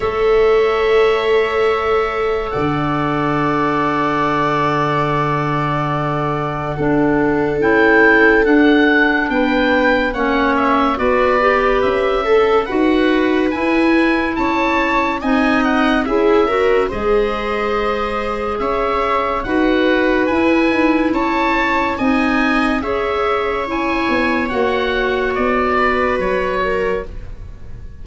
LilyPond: <<
  \new Staff \with { instrumentName = "oboe" } { \time 4/4 \tempo 4 = 71 e''2. fis''4~ | fis''1~ | fis''4 g''4 fis''4 g''4 | fis''8 e''8 d''4 e''4 fis''4 |
gis''4 a''4 gis''8 fis''8 e''4 | dis''2 e''4 fis''4 | gis''4 a''4 gis''4 e''4 | gis''4 fis''4 d''4 cis''4 | }
  \new Staff \with { instrumentName = "viola" } { \time 4/4 cis''2. d''4~ | d''1 | a'2. b'4 | cis''4 b'4. a'8 b'4~ |
b'4 cis''4 dis''4 gis'8 ais'8 | c''2 cis''4 b'4~ | b'4 cis''4 dis''4 cis''4~ | cis''2~ cis''8 b'4 ais'8 | }
  \new Staff \with { instrumentName = "clarinet" } { \time 4/4 a'1~ | a'1 | d'4 e'4 d'2 | cis'4 fis'8 g'4 a'8 fis'4 |
e'2 dis'4 e'8 fis'8 | gis'2. fis'4 | e'2 dis'4 gis'4 | e'4 fis'2. | }
  \new Staff \with { instrumentName = "tuba" } { \time 4/4 a2. d4~ | d1 | d'4 cis'4 d'4 b4 | ais4 b4 cis'4 dis'4 |
e'4 cis'4 c'4 cis'4 | gis2 cis'4 dis'4 | e'8 dis'8 cis'4 c'4 cis'4~ | cis'8 b8 ais4 b4 fis4 | }
>>